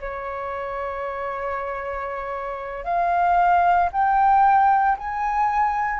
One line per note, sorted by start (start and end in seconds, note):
0.00 2.84 C#5
2.84 3.89 F5
3.92 4.97 G5
4.98 6.00 G#5